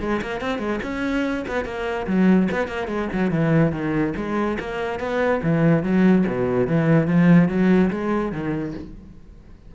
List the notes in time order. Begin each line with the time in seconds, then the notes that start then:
0.00 G#3
0.22 A#3
0.41 C4
0.59 G#3
0.83 C#4
1.48 B3
1.65 A#3
2.07 F#3
2.52 B3
2.68 A#3
2.88 G#3
3.13 F#3
3.31 E3
3.72 D#3
4.16 G#3
4.60 A#3
5.00 B3
5.43 E3
5.83 F#3
6.27 B2
6.67 E3
7.07 F3
7.49 F#3
7.91 G#3
8.32 D#3